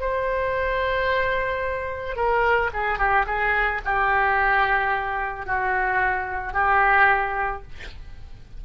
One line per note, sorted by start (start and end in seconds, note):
0.00 2.16 C5
2.16 2.71 A#4
2.74 2.99 G#4
2.99 3.26 G4
3.27 3.81 G#4
3.85 5.46 G4
5.46 6.54 F#4
6.54 7.63 G4